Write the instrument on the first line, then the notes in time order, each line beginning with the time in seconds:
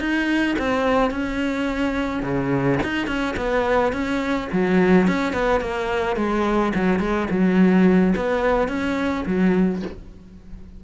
cello
0.00 D#4
0.59 C4
1.11 C#4
2.23 C#3
2.83 D#4
3.07 C#4
3.37 B3
3.93 C#4
4.52 F#3
5.07 C#4
5.33 B3
5.60 A#3
6.16 G#3
6.75 F#3
7.00 G#3
7.30 F#3
8.16 B3
8.68 C#4
9.26 F#3